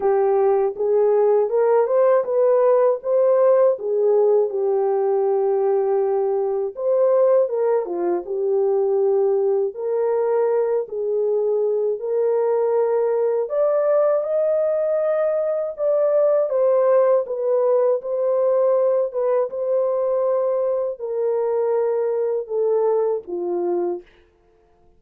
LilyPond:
\new Staff \with { instrumentName = "horn" } { \time 4/4 \tempo 4 = 80 g'4 gis'4 ais'8 c''8 b'4 | c''4 gis'4 g'2~ | g'4 c''4 ais'8 f'8 g'4~ | g'4 ais'4. gis'4. |
ais'2 d''4 dis''4~ | dis''4 d''4 c''4 b'4 | c''4. b'8 c''2 | ais'2 a'4 f'4 | }